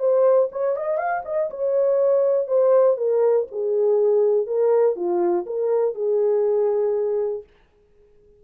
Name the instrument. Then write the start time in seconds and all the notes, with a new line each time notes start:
horn
0.00 C5
0.52 C#5
0.77 D#5
0.98 F5
1.26 D#5
1.51 C#5
2.48 C5
2.98 A#4
3.52 G#4
4.47 A#4
4.96 F4
5.47 A#4
5.95 G#4